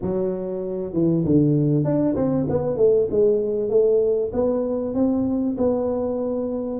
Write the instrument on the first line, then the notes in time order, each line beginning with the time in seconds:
tuba
0.01 F#3
0.93 E3
1.25 D3
1.84 D4
2.15 C4
2.49 B3
2.77 A3
3.10 G#3
3.69 A3
4.32 B3
4.94 C4
5.57 B3